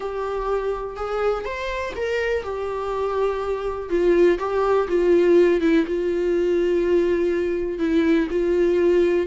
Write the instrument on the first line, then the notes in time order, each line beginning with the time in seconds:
viola
0.00 G4
0.96 G#4
1.44 C5
1.95 A#4
2.43 G4
3.89 F4
4.38 G4
4.88 F4
5.61 E4
5.86 F4
7.78 E4
8.30 F4